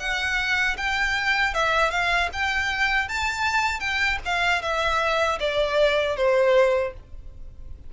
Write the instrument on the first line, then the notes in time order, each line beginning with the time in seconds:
violin
0.00 F#5
0.78 G5
1.55 E5
1.91 F5
2.33 G5
3.09 A5
3.80 G5
4.26 F5
4.62 E5
5.40 D5
6.17 C5